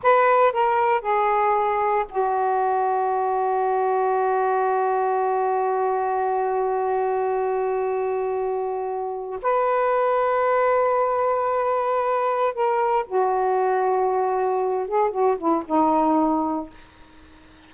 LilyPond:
\new Staff \with { instrumentName = "saxophone" } { \time 4/4 \tempo 4 = 115 b'4 ais'4 gis'2 | fis'1~ | fis'1~ | fis'1~ |
fis'2 b'2~ | b'1 | ais'4 fis'2.~ | fis'8 gis'8 fis'8 e'8 dis'2 | }